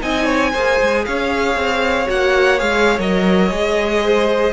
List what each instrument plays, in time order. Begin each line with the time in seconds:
0.00 cello C4, viola D#4, violin D#5 G#5
0.25 violin C#5
0.52 cello A#3, viola G#4, violin C5
0.81 cello G#3
1.05 cello C#4, violin C#5 F5
1.56 cello C4
2.07 cello A#3, viola F#4, violin F#5
2.59 cello G#3, viola G#4, violin F5
2.99 cello F#3, viola A#4, violin D#5
3.50 cello G#3, viola G#4
4.04 violin C5